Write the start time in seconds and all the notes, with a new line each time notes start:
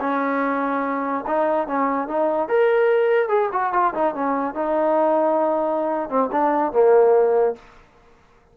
0.00 C#4
1.27 D#4
1.67 C#4
2.07 D#4
2.48 A#4
3.28 G#4
3.52 F#4
3.73 F4
3.94 D#4
4.14 C#4
4.54 D#4
6.09 C4
6.31 D4
6.72 A#3